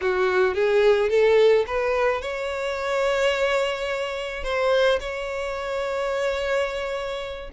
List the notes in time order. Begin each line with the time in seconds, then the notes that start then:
0.01 F#4
0.54 G#4
1.09 A4
1.67 B4
2.21 C#5
4.43 C5
4.99 C#5